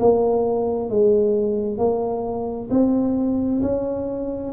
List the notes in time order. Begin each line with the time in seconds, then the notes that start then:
0.00 A#3
0.90 G#3
1.79 A#3
2.71 C4
3.62 C#4